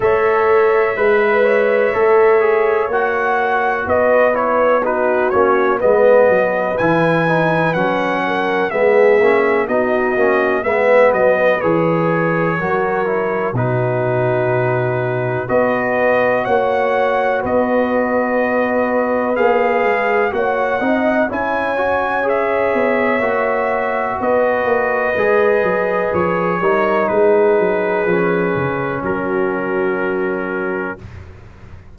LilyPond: <<
  \new Staff \with { instrumentName = "trumpet" } { \time 4/4 \tempo 4 = 62 e''2. fis''4 | dis''8 cis''8 b'8 cis''8 dis''4 gis''4 | fis''4 e''4 dis''4 e''8 dis''8 | cis''2 b'2 |
dis''4 fis''4 dis''2 | f''4 fis''4 gis''4 e''4~ | e''4 dis''2 cis''4 | b'2 ais'2 | }
  \new Staff \with { instrumentName = "horn" } { \time 4/4 cis''4 b'8 cis''2~ cis''8 | b'4 fis'4 b'2~ | b'8 ais'8 gis'4 fis'4 b'4~ | b'4 ais'4 fis'2 |
b'4 cis''4 b'2~ | b'4 cis''8 dis''8 cis''2~ | cis''4 b'2~ b'8 ais'8 | gis'2 fis'2 | }
  \new Staff \with { instrumentName = "trombone" } { \time 4/4 a'4 b'4 a'8 gis'8 fis'4~ | fis'8 e'8 dis'8 cis'8 b4 e'8 dis'8 | cis'4 b8 cis'8 dis'8 cis'8 b4 | gis'4 fis'8 e'8 dis'2 |
fis'1 | gis'4 fis'8 dis'8 e'8 fis'8 gis'4 | fis'2 gis'4. dis'8~ | dis'4 cis'2. | }
  \new Staff \with { instrumentName = "tuba" } { \time 4/4 a4 gis4 a4 ais4 | b4. ais8 gis8 fis8 e4 | fis4 gis8 ais8 b8 ais8 gis8 fis8 | e4 fis4 b,2 |
b4 ais4 b2 | ais8 gis8 ais8 c'8 cis'4. b8 | ais4 b8 ais8 gis8 fis8 f8 g8 | gis8 fis8 f8 cis8 fis2 | }
>>